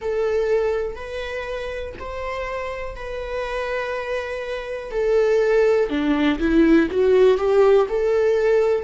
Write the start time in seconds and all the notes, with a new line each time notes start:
0.01 A4
0.95 B4
1.99 C5
2.95 B4
4.91 A4
5.89 D4
6.39 E4
6.90 F#4
7.37 G4
7.89 A4